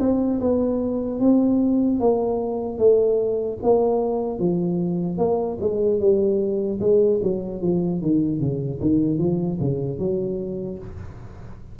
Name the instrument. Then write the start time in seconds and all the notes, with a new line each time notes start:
tuba
0.00 C4
0.40 B3
1.20 C4
2.00 A#3
2.79 A3
3.63 A#3
4.39 F3
5.18 A#3
5.61 G#3
6.00 G3
6.80 G#3
7.23 F#3
7.62 F3
8.01 D#3
8.40 C#3
8.81 D#3
9.18 F3
9.60 C#3
9.99 F#3